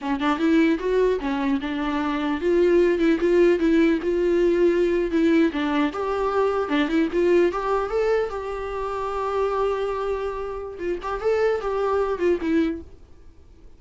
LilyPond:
\new Staff \with { instrumentName = "viola" } { \time 4/4 \tempo 4 = 150 cis'8 d'8 e'4 fis'4 cis'4 | d'2 f'4. e'8 | f'4 e'4 f'2~ | f'8. e'4 d'4 g'4~ g'16~ |
g'8. d'8 e'8 f'4 g'4 a'16~ | a'8. g'2.~ g'16~ | g'2. f'8 g'8 | a'4 g'4. f'8 e'4 | }